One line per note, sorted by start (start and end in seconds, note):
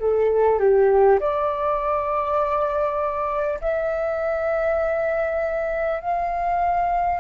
0.00 0.59 A4
0.59 1.19 G4
1.20 3.60 D5
3.61 6.01 E5
6.01 7.21 F5